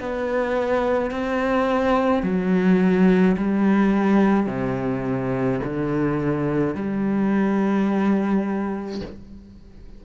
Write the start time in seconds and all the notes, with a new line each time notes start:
0.00 B3
1.11 C4
2.23 F#3
3.37 G3
4.47 C3
5.64 D3
6.75 G3